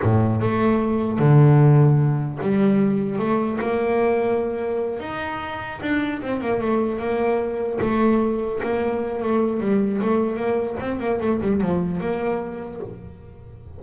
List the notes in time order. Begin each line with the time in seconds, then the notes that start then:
0.02 A2
0.41 A3
1.18 D3
2.41 G3
3.18 A3
3.60 A#3
4.99 D#4
5.81 D4
6.22 C4
6.41 A#3
6.61 A3
6.99 A#3
7.81 A3
8.63 A#3
9.22 A3
9.60 G3
10.01 A3
10.36 A#3
10.80 C4
10.99 A#3
11.20 A3
11.41 G3
11.60 F3
12.00 A#3